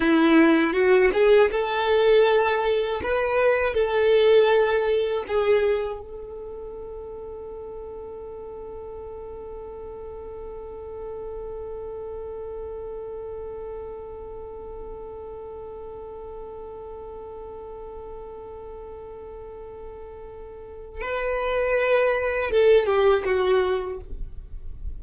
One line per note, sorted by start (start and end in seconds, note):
0.00 0.73 E4
0.73 1.10 F#4
1.13 1.50 G#4
1.51 3.01 A4
3.02 3.74 B4
3.74 5.24 A4
5.27 6.00 G#4
6.00 21.00 A4
21.00 22.50 B4
22.50 22.86 A4
22.86 23.23 G4
23.24 23.99 F#4